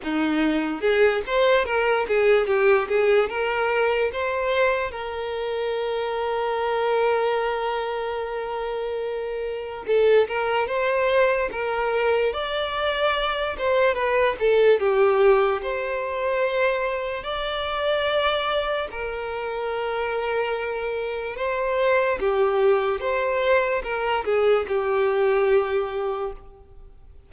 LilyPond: \new Staff \with { instrumentName = "violin" } { \time 4/4 \tempo 4 = 73 dis'4 gis'8 c''8 ais'8 gis'8 g'8 gis'8 | ais'4 c''4 ais'2~ | ais'1 | a'8 ais'8 c''4 ais'4 d''4~ |
d''8 c''8 b'8 a'8 g'4 c''4~ | c''4 d''2 ais'4~ | ais'2 c''4 g'4 | c''4 ais'8 gis'8 g'2 | }